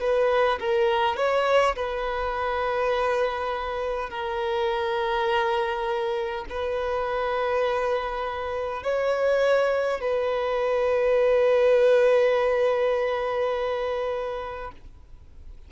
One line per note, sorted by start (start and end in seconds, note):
0.00 0.59 B4
0.60 1.17 A#4
1.17 1.75 C#5
1.76 4.10 B4
4.10 6.45 A#4
6.49 8.83 B4
8.83 10.01 C#5
10.01 14.71 B4